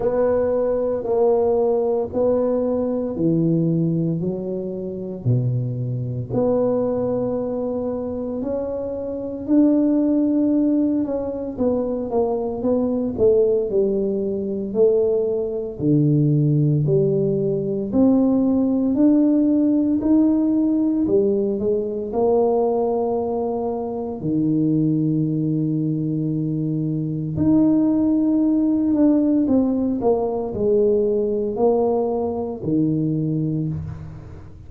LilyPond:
\new Staff \with { instrumentName = "tuba" } { \time 4/4 \tempo 4 = 57 b4 ais4 b4 e4 | fis4 b,4 b2 | cis'4 d'4. cis'8 b8 ais8 | b8 a8 g4 a4 d4 |
g4 c'4 d'4 dis'4 | g8 gis8 ais2 dis4~ | dis2 dis'4. d'8 | c'8 ais8 gis4 ais4 dis4 | }